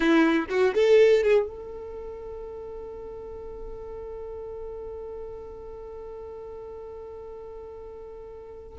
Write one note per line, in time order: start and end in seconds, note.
0.00 0.45 E4
0.49 0.73 F#4
0.74 1.23 A4
1.23 1.47 G#4
1.47 8.79 A4